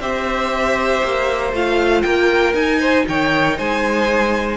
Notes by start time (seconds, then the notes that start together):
0.00 C4 G4 C5 E5
1.03 A#3
1.53 A3 F4 F5
2.02 A#3 A#4 G5
2.54 D#4 G#5
2.79 C5
3.08 D#3 C#5 G5
3.57 G#3 C5 G#5